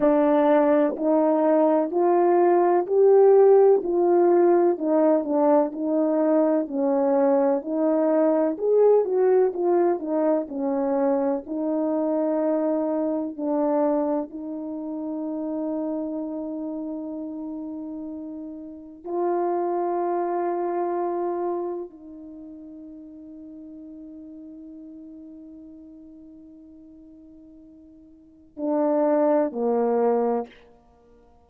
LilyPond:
\new Staff \with { instrumentName = "horn" } { \time 4/4 \tempo 4 = 63 d'4 dis'4 f'4 g'4 | f'4 dis'8 d'8 dis'4 cis'4 | dis'4 gis'8 fis'8 f'8 dis'8 cis'4 | dis'2 d'4 dis'4~ |
dis'1 | f'2. dis'4~ | dis'1~ | dis'2 d'4 ais4 | }